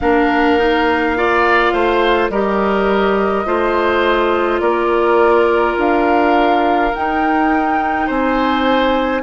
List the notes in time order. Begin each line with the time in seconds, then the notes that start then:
0.00 A#3 D4 A#4 F5
0.58 D#4
1.16 F4 D5
1.73 A3 C5
2.29 G3 G4 A#4 D#5
3.45 A3 F4 C5
4.60 A#3 A#4 D5
5.77 D4 F5
6.94 D#4 G5
8.06 C4 C5 G#5